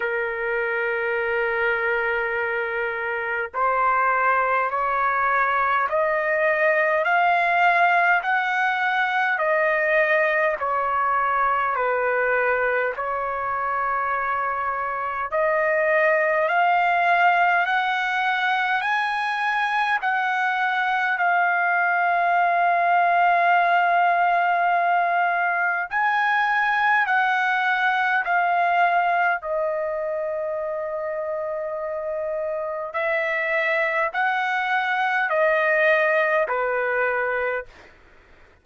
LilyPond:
\new Staff \with { instrumentName = "trumpet" } { \time 4/4 \tempo 4 = 51 ais'2. c''4 | cis''4 dis''4 f''4 fis''4 | dis''4 cis''4 b'4 cis''4~ | cis''4 dis''4 f''4 fis''4 |
gis''4 fis''4 f''2~ | f''2 gis''4 fis''4 | f''4 dis''2. | e''4 fis''4 dis''4 b'4 | }